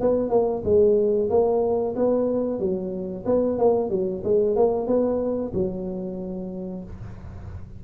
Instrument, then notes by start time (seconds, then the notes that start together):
tuba
0.00 B3
0.29 A#3
0.64 G#3
1.30 A#3
1.95 B3
2.59 F#3
3.25 B3
3.58 A#3
3.90 F#3
4.24 G#3
4.56 A#3
4.86 B3
5.53 F#3